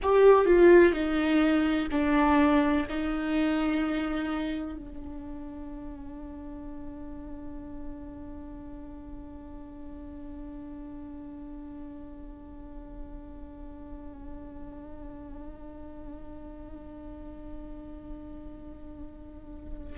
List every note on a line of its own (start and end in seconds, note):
0.02 0.45 G4
0.45 0.93 F4
0.93 1.88 D#4
1.91 2.86 D4
2.89 4.76 D#4
4.76 19.97 D4